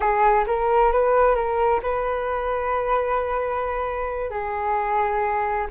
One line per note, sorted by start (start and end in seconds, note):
0.00 0.44 G#4
0.46 0.92 A#4
0.92 1.35 B4
1.35 1.80 A#4
1.82 4.30 B4
4.30 5.67 G#4